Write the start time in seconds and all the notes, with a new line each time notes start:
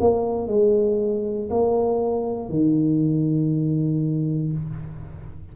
0.00 A#3
0.47 G#3
1.50 A#3
2.49 D#3